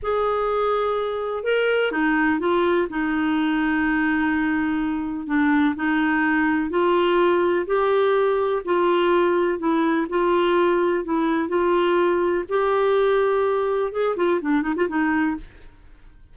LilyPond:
\new Staff \with { instrumentName = "clarinet" } { \time 4/4 \tempo 4 = 125 gis'2. ais'4 | dis'4 f'4 dis'2~ | dis'2. d'4 | dis'2 f'2 |
g'2 f'2 | e'4 f'2 e'4 | f'2 g'2~ | g'4 gis'8 f'8 d'8 dis'16 f'16 dis'4 | }